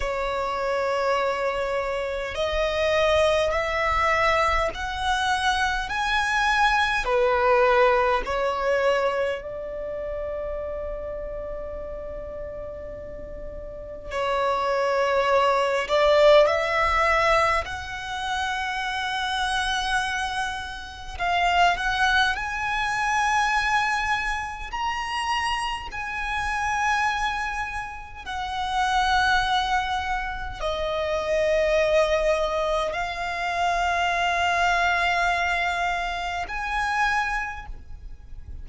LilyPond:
\new Staff \with { instrumentName = "violin" } { \time 4/4 \tempo 4 = 51 cis''2 dis''4 e''4 | fis''4 gis''4 b'4 cis''4 | d''1 | cis''4. d''8 e''4 fis''4~ |
fis''2 f''8 fis''8 gis''4~ | gis''4 ais''4 gis''2 | fis''2 dis''2 | f''2. gis''4 | }